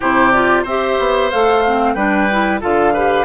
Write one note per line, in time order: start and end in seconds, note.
0.00 0.64 C3
0.00 0.33 E4
0.00 0.62 G4
0.00 0.31 C5
0.31 0.66 F4
0.31 0.64 D5
0.62 0.97 C4
0.62 1.32 G4
0.62 1.93 C5
0.62 1.30 E5
0.99 1.31 B3
1.30 1.95 A3
1.30 1.64 A4
1.30 1.94 F5
1.65 1.96 C4
1.94 2.60 G3
1.94 2.29 D4
1.94 2.60 B4
1.94 2.59 G5
2.31 2.61 E4
2.60 3.25 D3
2.60 2.93 F4
2.60 2.93 A4
2.60 3.25 F5
2.93 3.25 G4
2.93 3.25 B4